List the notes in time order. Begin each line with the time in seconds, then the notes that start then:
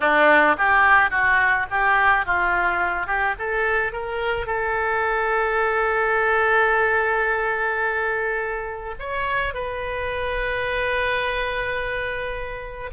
0.00 D4
0.57 G4
1.10 F#4
1.70 G4
2.25 F4
3.06 G4
3.38 A4
3.92 A#4
4.46 A4
8.99 C#5
9.54 B4